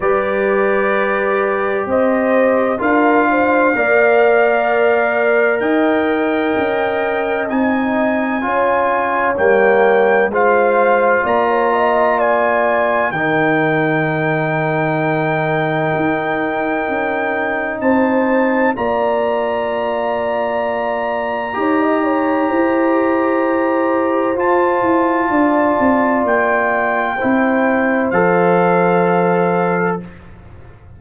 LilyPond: <<
  \new Staff \with { instrumentName = "trumpet" } { \time 4/4 \tempo 4 = 64 d''2 dis''4 f''4~ | f''2 g''2 | gis''2 g''4 f''4 | ais''4 gis''4 g''2~ |
g''2. a''4 | ais''1~ | ais''2 a''2 | g''2 f''2 | }
  \new Staff \with { instrumentName = "horn" } { \time 4/4 b'2 c''4 ais'8 c''8 | d''2 dis''2~ | dis''4 cis''2 c''4 | d''16 cis''16 dis''8 d''4 ais'2~ |
ais'2. c''4 | d''2. cis''16 dis''16 cis''8 | c''2. d''4~ | d''4 c''2. | }
  \new Staff \with { instrumentName = "trombone" } { \time 4/4 g'2. f'4 | ais'1 | dis'4 f'4 ais4 f'4~ | f'2 dis'2~ |
dis'1 | f'2. g'4~ | g'2 f'2~ | f'4 e'4 a'2 | }
  \new Staff \with { instrumentName = "tuba" } { \time 4/4 g2 c'4 d'4 | ais2 dis'4 cis'4 | c'4 cis'4 g4 gis4 | ais2 dis2~ |
dis4 dis'4 cis'4 c'4 | ais2. dis'4 | e'2 f'8 e'8 d'8 c'8 | ais4 c'4 f2 | }
>>